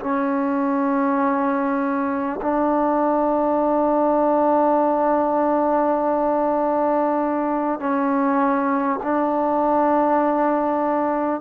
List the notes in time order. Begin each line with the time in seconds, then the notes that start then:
0.00 C#4
2.42 D4
7.79 C#4
9.03 D4